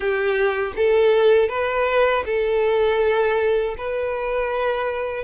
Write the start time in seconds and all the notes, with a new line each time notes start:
0.00 G4
0.76 A4
1.48 B4
2.25 A4
3.77 B4